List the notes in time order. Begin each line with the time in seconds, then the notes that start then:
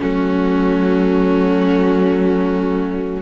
0.00 F#3 A3 C#4 F#4